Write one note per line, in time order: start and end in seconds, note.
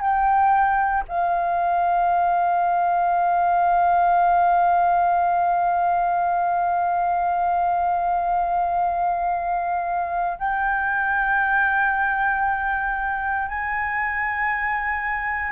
0.00 1.03 G5
1.08 10.38 F5
10.38 13.48 G5
13.48 15.51 G#5